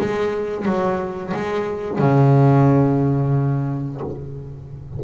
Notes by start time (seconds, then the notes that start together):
0.00 G#3
0.66 F#3
1.34 G#3
1.99 C#3